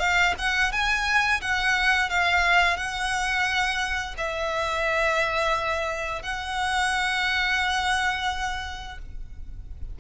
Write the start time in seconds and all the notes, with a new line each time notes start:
0.00 F5
0.39 F#5
0.72 G#5
1.41 F#5
2.10 F5
2.77 F#5
4.18 E5
6.23 F#5